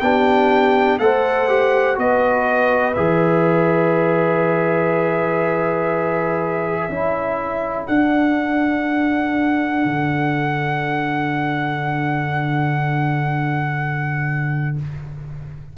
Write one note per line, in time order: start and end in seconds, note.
0.00 1.00 B3
0.00 1.00 D4
0.00 1.01 G4
0.00 0.98 G5
0.99 1.98 A3
0.99 1.49 A4
0.99 2.00 C5
0.99 1.97 F#5
1.49 1.95 G4
1.95 2.97 B3
1.95 2.94 F#4
1.95 6.91 B4
1.95 2.94 D#5
2.94 6.89 E3
2.94 6.90 G#4
2.94 7.86 E5
6.89 7.88 C#4
6.89 7.89 E4
6.89 14.78 A4
7.87 14.77 D4
7.87 9.85 D4
7.87 14.76 F#5
9.85 14.77 D3